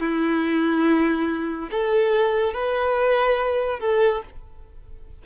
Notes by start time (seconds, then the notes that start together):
0.00 E4
1.71 A4
2.53 B4
3.80 A4